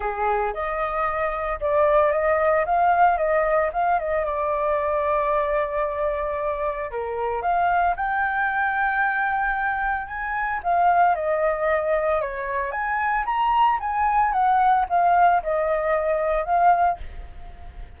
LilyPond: \new Staff \with { instrumentName = "flute" } { \time 4/4 \tempo 4 = 113 gis'4 dis''2 d''4 | dis''4 f''4 dis''4 f''8 dis''8 | d''1~ | d''4 ais'4 f''4 g''4~ |
g''2. gis''4 | f''4 dis''2 cis''4 | gis''4 ais''4 gis''4 fis''4 | f''4 dis''2 f''4 | }